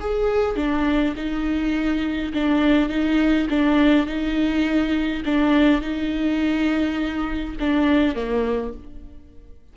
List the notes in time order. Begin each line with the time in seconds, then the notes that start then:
0.00 G#4
0.56 D4
1.17 D#4
2.34 D4
2.89 D#4
3.50 D4
4.06 D#4
5.25 D4
5.81 D#4
7.60 D4
8.15 A#3